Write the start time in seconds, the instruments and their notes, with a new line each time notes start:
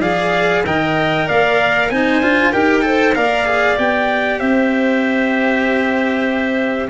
0.00 tuba F3, cello G#4, clarinet D5, trumpet F5
0.65 tuba D#3, cello A#4, clarinet D#5, trumpet G5
1.27 tuba A#3, clarinet D5, trumpet F5
1.90 tuba C4, cello D#4, clarinet C5, trumpet G#5
2.22 tuba D4, cello F4
2.52 tuba D#4, cello G4, clarinet A#4, trumpet G5
2.82 cello A4, clarinet C5
3.15 tuba A#3, cello A#4, clarinet D5, trumpet F5
3.46 cello G#4
3.76 tuba B3, cello G4, trumpet G5
4.40 tuba C4, clarinet C5, trumpet E5